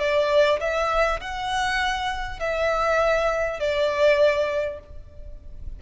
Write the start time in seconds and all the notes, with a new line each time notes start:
0.00 D5
0.61 E5
1.21 F#5
2.40 E5
3.60 D5